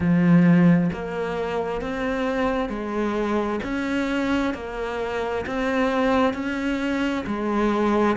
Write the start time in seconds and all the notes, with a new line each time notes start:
0.00 F3
0.93 A#3
1.81 C4
2.69 G#3
3.63 C#4
4.54 A#3
5.46 C4
6.33 C#4
7.26 G#3